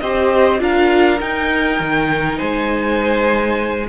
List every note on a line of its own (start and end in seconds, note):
0.00 0.61 C4
0.00 0.59 G4
0.00 0.61 C5
0.00 0.59 D#5
0.59 1.20 D4
0.59 1.19 F4
0.59 2.38 A#4
0.59 1.21 F5
1.19 3.87 D#4
1.19 1.80 D#4
1.19 2.39 G5
1.80 2.39 D#3
2.38 3.89 G#3
2.38 3.87 C5
2.38 3.87 G#5